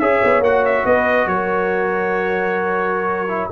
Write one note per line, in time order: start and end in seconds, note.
0.00 0.22 C#4
0.00 0.44 G#4
0.00 0.86 C#5
0.00 0.43 E5
0.24 0.40 B3
0.40 0.83 A#3
0.40 3.29 F#4
0.40 0.65 F#5
0.66 0.87 E5
0.86 1.27 B3
0.86 1.28 B4
0.86 1.28 D#5
1.27 3.50 F#3
1.27 3.52 A#4
1.27 3.51 C#5
3.29 3.50 E4